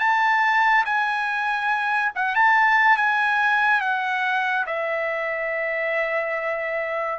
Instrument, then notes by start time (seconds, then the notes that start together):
trumpet
0.00 A5
0.86 G#5
2.15 F#5
2.35 A5
2.97 G#5
3.81 F#5
4.66 E5